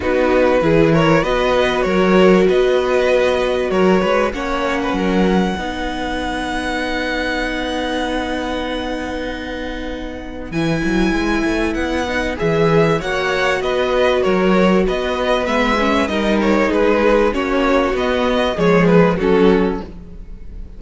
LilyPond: <<
  \new Staff \with { instrumentName = "violin" } { \time 4/4 \tempo 4 = 97 b'4. cis''8 dis''4 cis''4 | dis''2 cis''4 fis''4~ | fis''1~ | fis''1~ |
fis''4 gis''2 fis''4 | e''4 fis''4 dis''4 cis''4 | dis''4 e''4 dis''8 cis''8 b'4 | cis''4 dis''4 cis''8 b'8 a'4 | }
  \new Staff \with { instrumentName = "violin" } { \time 4/4 fis'4 gis'8 ais'8 b'4 ais'4 | b'2 ais'8 b'8 cis''8. b'16 | ais'4 b'2.~ | b'1~ |
b'1~ | b'4 cis''4 b'4 ais'4 | b'2 ais'4 gis'4 | fis'2 gis'4 fis'4 | }
  \new Staff \with { instrumentName = "viola" } { \time 4/4 dis'4 e'4 fis'2~ | fis'2. cis'4~ | cis'4 dis'2.~ | dis'1~ |
dis'4 e'2~ e'8 dis'8 | gis'4 fis'2.~ | fis'4 b8 cis'8 dis'2 | cis'4 b4 gis4 cis'4 | }
  \new Staff \with { instrumentName = "cello" } { \time 4/4 b4 e4 b4 fis4 | b2 fis8 gis8 ais4 | fis4 b2.~ | b1~ |
b4 e8 fis8 gis8 a8 b4 | e4 ais4 b4 fis4 | b4 gis4 g4 gis4 | ais4 b4 f4 fis4 | }
>>